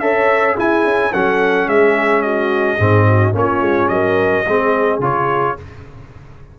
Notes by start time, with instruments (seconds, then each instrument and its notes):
0.00 tuba C#4, trombone A4, horn C#5, trumpet E5
0.55 trombone E4, tuba E4, horn G#4, trumpet G#5
0.84 tuba C#4
1.13 tuba F#3, trombone C#4, horn A4, trumpet F#5
1.67 tuba G#3, horn G#4, trumpet E5
2.22 horn F#4, trumpet D#5
2.77 tuba G#2, trombone C4, horn G#4
3.08 horn F#4
3.33 tuba A#3, trombone C#4, trumpet C#5
3.39 horn F4
3.61 tuba G#3
3.88 tuba F#3, horn A#4, trumpet D#5
4.46 tuba G#3, trombone C4, horn G#4
4.99 tuba C#3, trombone F4, trumpet C#5